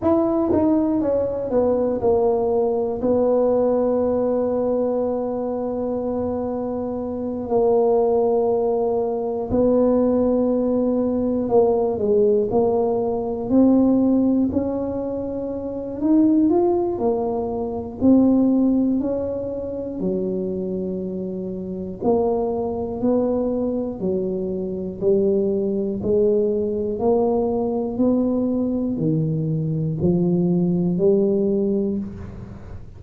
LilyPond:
\new Staff \with { instrumentName = "tuba" } { \time 4/4 \tempo 4 = 60 e'8 dis'8 cis'8 b8 ais4 b4~ | b2.~ b8 ais8~ | ais4. b2 ais8 | gis8 ais4 c'4 cis'4. |
dis'8 f'8 ais4 c'4 cis'4 | fis2 ais4 b4 | fis4 g4 gis4 ais4 | b4 dis4 f4 g4 | }